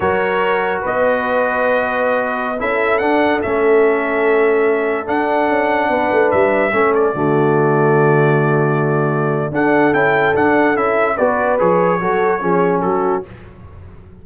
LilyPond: <<
  \new Staff \with { instrumentName = "trumpet" } { \time 4/4 \tempo 4 = 145 cis''2 dis''2~ | dis''2~ dis''16 e''4 fis''8.~ | fis''16 e''2.~ e''8.~ | e''16 fis''2. e''8.~ |
e''8. d''2.~ d''16~ | d''2. fis''4 | g''4 fis''4 e''4 d''4 | cis''2. a'4 | }
  \new Staff \with { instrumentName = "horn" } { \time 4/4 ais'2 b'2~ | b'2~ b'16 a'4.~ a'16~ | a'1~ | a'2~ a'16 b'4.~ b'16~ |
b'16 a'4 fis'2~ fis'8.~ | fis'2. a'4~ | a'2. b'4~ | b'4 a'4 gis'4 fis'4 | }
  \new Staff \with { instrumentName = "trombone" } { \time 4/4 fis'1~ | fis'2~ fis'16 e'4 d'8.~ | d'16 cis'2.~ cis'8.~ | cis'16 d'2.~ d'8.~ |
d'16 cis'4 a2~ a8.~ | a2. d'4 | e'4 d'4 e'4 fis'4 | gis'4 fis'4 cis'2 | }
  \new Staff \with { instrumentName = "tuba" } { \time 4/4 fis2 b2~ | b2~ b16 cis'4 d'8.~ | d'16 a2.~ a8.~ | a16 d'4 cis'4 b8 a8 g8.~ |
g16 a4 d2~ d8.~ | d2. d'4 | cis'4 d'4 cis'4 b4 | f4 fis4 f4 fis4 | }
>>